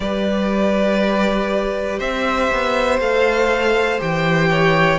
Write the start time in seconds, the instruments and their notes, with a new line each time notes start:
0.00 cello G3, viola G4, violin B4 D5
1.99 cello C4, violin C5 E5
2.51 cello B3
3.00 cello A3, viola A4, violin F5
3.99 cello E3, viola G4, violin G5
4.50 violin C#5